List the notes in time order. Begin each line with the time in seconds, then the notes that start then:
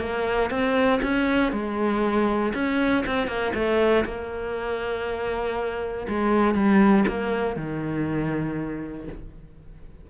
0.00 A#3
0.50 C4
1.02 C#4
1.52 G#3
2.54 C#4
3.06 C4
3.28 A#3
3.54 A3
4.05 A#3
6.08 G#3
6.55 G3
7.08 A#3
7.56 D#3